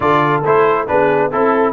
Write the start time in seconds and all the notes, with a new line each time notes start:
0.00 D3 F4 A4 D5
0.44 A3 E4 C5
0.87 B3 D4 G#4 B4
1.29 C4 E4 A4